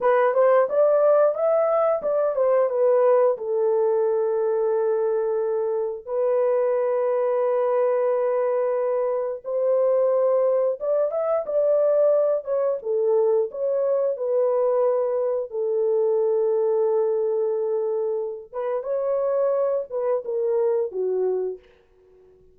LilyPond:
\new Staff \with { instrumentName = "horn" } { \time 4/4 \tempo 4 = 89 b'8 c''8 d''4 e''4 d''8 c''8 | b'4 a'2.~ | a'4 b'2.~ | b'2 c''2 |
d''8 e''8 d''4. cis''8 a'4 | cis''4 b'2 a'4~ | a'2.~ a'8 b'8 | cis''4. b'8 ais'4 fis'4 | }